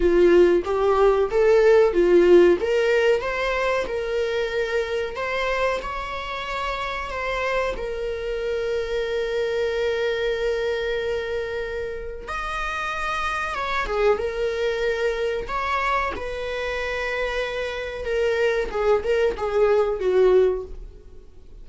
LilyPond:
\new Staff \with { instrumentName = "viola" } { \time 4/4 \tempo 4 = 93 f'4 g'4 a'4 f'4 | ais'4 c''4 ais'2 | c''4 cis''2 c''4 | ais'1~ |
ais'2. dis''4~ | dis''4 cis''8 gis'8 ais'2 | cis''4 b'2. | ais'4 gis'8 ais'8 gis'4 fis'4 | }